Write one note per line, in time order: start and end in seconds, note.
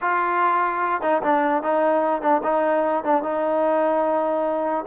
0.01 1.01 F4
1.01 1.21 D#4
1.22 1.62 D4
1.62 2.21 D#4
2.21 2.41 D4
2.43 3.04 D#4
3.04 3.22 D4
3.22 4.85 D#4